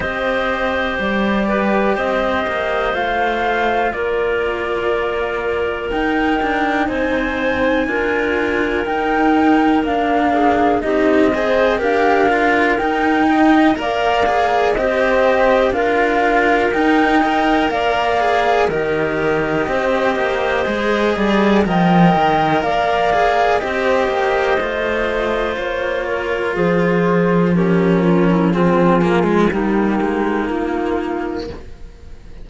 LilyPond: <<
  \new Staff \with { instrumentName = "flute" } { \time 4/4 \tempo 4 = 61 dis''4 d''4 dis''4 f''4 | d''2 g''4 gis''4~ | gis''4 g''4 f''4 dis''4 | f''4 g''4 f''4 dis''4 |
f''4 g''4 f''4 dis''4~ | dis''2 g''4 f''4 | dis''2 cis''4 c''4 | ais'4 gis'4 g'4 f'4 | }
  \new Staff \with { instrumentName = "clarinet" } { \time 4/4 c''4. b'8 c''2 | ais'2. c''4 | ais'2~ ais'8 gis'8 g'8 c''8 | ais'4. dis''8 d''4 c''4 |
ais'4. dis''8 d''4 ais'4 | c''4. d''8 dis''4 d''4 | c''2~ c''8 ais'8 gis'4 | g'8 f'16 e'16 f'4 dis'2 | }
  \new Staff \with { instrumentName = "cello" } { \time 4/4 g'2. f'4~ | f'2 dis'2 | f'4 dis'4 d'4 dis'8 gis'8 | g'8 f'8 dis'4 ais'8 gis'8 g'4 |
f'4 dis'8 ais'4 gis'8 g'4~ | g'4 gis'4 ais'4. gis'8 | g'4 f'2. | cis'4 c'8 ais16 gis16 ais2 | }
  \new Staff \with { instrumentName = "cello" } { \time 4/4 c'4 g4 c'8 ais8 a4 | ais2 dis'8 d'8 c'4 | d'4 dis'4 ais4 c'4 | d'4 dis'4 ais4 c'4 |
d'4 dis'4 ais4 dis4 | c'8 ais8 gis8 g8 f8 dis8 ais4 | c'8 ais8 a4 ais4 f4~ | f2 g8 gis8 ais4 | }
>>